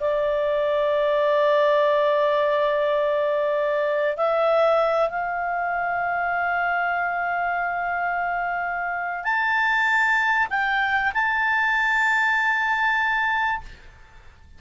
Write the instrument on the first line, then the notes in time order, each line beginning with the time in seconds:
clarinet
0.00 D5
4.17 E5
5.09 F5
9.24 A5
10.50 G5
11.14 A5